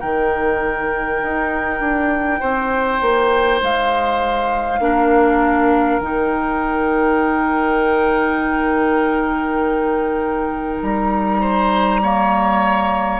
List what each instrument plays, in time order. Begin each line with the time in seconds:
0.00 bassoon D#3, clarinet D#4, oboe A#4, flute G5
1.23 bassoon D#4
1.80 bassoon D4
2.40 bassoon C4, oboe C5
3.02 bassoon A#3
3.62 bassoon G#3, flute F5
4.80 bassoon A#3, clarinet D4, oboe A#4
6.00 bassoon D#3, clarinet D#4, flute G5
10.83 bassoon G3, flute A#5
11.41 oboe C5
12.03 clarinet A#3, oboe C#5